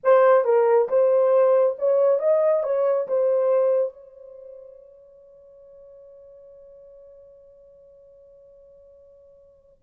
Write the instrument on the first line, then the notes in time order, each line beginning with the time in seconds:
horn
0.03 C5
0.44 A#4
0.89 C5
1.78 C#5
2.19 D#5
2.63 C#5
3.07 C5
3.93 C#5